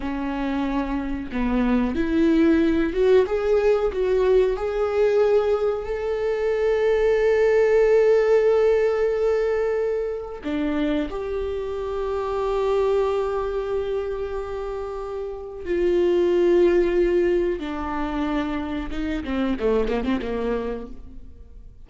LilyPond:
\new Staff \with { instrumentName = "viola" } { \time 4/4 \tempo 4 = 92 cis'2 b4 e'4~ | e'8 fis'8 gis'4 fis'4 gis'4~ | gis'4 a'2.~ | a'1 |
d'4 g'2.~ | g'1 | f'2. d'4~ | d'4 dis'8 c'8 a8 ais16 c'16 ais4 | }